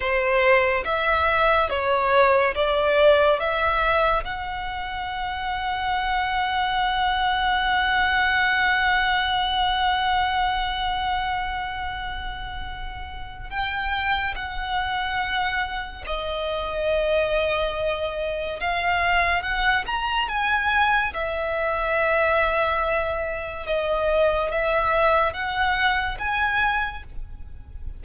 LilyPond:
\new Staff \with { instrumentName = "violin" } { \time 4/4 \tempo 4 = 71 c''4 e''4 cis''4 d''4 | e''4 fis''2.~ | fis''1~ | fis''1 |
g''4 fis''2 dis''4~ | dis''2 f''4 fis''8 ais''8 | gis''4 e''2. | dis''4 e''4 fis''4 gis''4 | }